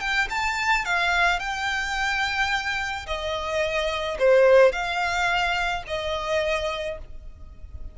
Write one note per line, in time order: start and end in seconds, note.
0.00 0.28 G5
0.30 0.85 A5
0.85 1.39 F5
1.39 3.06 G5
3.07 4.18 D#5
4.19 4.72 C5
4.72 5.83 F5
5.87 6.98 D#5